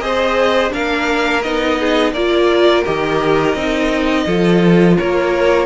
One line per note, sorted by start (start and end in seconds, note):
0.00 0.71 C4
0.00 0.70 G#4
0.00 0.73 C5
0.00 0.72 D#5
0.70 1.45 A#3
0.70 1.41 D4
0.70 1.79 A#4
0.70 1.42 F5
1.42 2.12 B3
1.42 2.15 D#4
1.42 2.13 D#5
1.80 2.13 G#4
2.12 2.83 A#3
2.12 2.85 F4
2.12 4.24 A#4
2.12 2.84 D5
2.85 3.56 D#3
2.85 3.56 G4
2.85 4.96 D#5
3.56 4.26 C4
3.56 4.27 D#4
4.27 4.97 F3
4.27 5.66 F4
4.27 4.97 A4
4.98 5.66 A#3
4.98 5.66 A#4
4.98 5.66 C#5